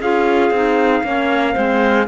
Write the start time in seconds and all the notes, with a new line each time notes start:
0.00 C#4 F4 G#4 F5
0.50 C4 D#4
1.03 A#3 C#4 C#5
1.53 G#3 C4 C5